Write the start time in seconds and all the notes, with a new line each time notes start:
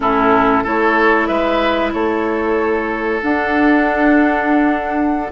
0.00 A2 C#4 E4 A4
0.63 A3 E4 A4 C#5
1.26 G#3 B4 E5
1.92 A3 A4 C#5
3.22 D4 F#5